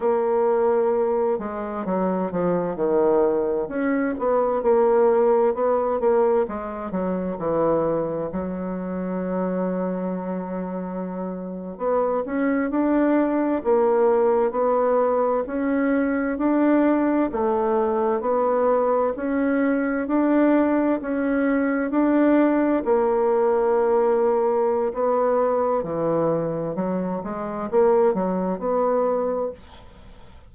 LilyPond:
\new Staff \with { instrumentName = "bassoon" } { \time 4/4 \tempo 4 = 65 ais4. gis8 fis8 f8 dis4 | cis'8 b8 ais4 b8 ais8 gis8 fis8 | e4 fis2.~ | fis8. b8 cis'8 d'4 ais4 b16~ |
b8. cis'4 d'4 a4 b16~ | b8. cis'4 d'4 cis'4 d'16~ | d'8. ais2~ ais16 b4 | e4 fis8 gis8 ais8 fis8 b4 | }